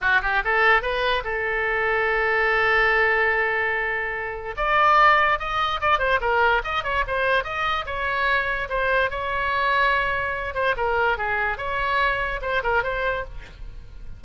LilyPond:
\new Staff \with { instrumentName = "oboe" } { \time 4/4 \tempo 4 = 145 fis'8 g'8 a'4 b'4 a'4~ | a'1~ | a'2. d''4~ | d''4 dis''4 d''8 c''8 ais'4 |
dis''8 cis''8 c''4 dis''4 cis''4~ | cis''4 c''4 cis''2~ | cis''4. c''8 ais'4 gis'4 | cis''2 c''8 ais'8 c''4 | }